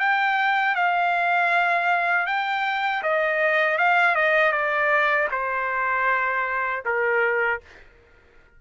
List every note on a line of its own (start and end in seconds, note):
0.00 0.76 G5
0.76 2.27 F5
2.27 3.03 G5
3.03 3.78 D#5
3.78 4.15 F5
4.15 4.53 D#5
4.53 5.29 D5
5.32 6.84 C5
6.85 7.61 A#4